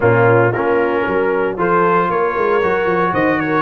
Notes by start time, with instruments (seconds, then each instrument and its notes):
0.00 tuba A#2, trombone A#3, horn C#4, trumpet F4
0.50 tuba A#3, trombone C#4, horn F4, trumpet A#4
1.03 tuba F#3, horn A#4
1.57 tuba F3, trombone F4, horn A4, trumpet C5
2.09 tuba A#3, horn A#4, trumpet C#5
2.36 tuba G#3
2.62 tuba F#3, trombone F#4
2.85 tuba F3
3.12 tuba D#3, horn C5, trumpet D#5
3.38 horn A#4, trumpet C#5